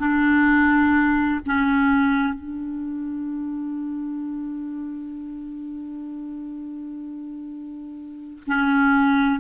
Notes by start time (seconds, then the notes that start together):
0.00 D4
1.47 C#4
2.34 D4
8.47 C#4